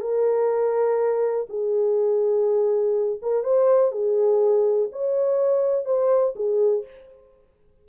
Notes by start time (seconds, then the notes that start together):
0.00 A#4
1.49 G#4
3.22 A#4
3.43 C5
3.91 G#4
4.92 C#5
5.85 C5
6.35 G#4